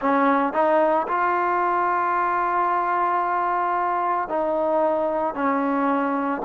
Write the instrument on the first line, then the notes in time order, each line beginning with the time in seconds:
trombone
0.00 C#4
0.53 D#4
1.07 F4
4.29 D#4
5.34 C#4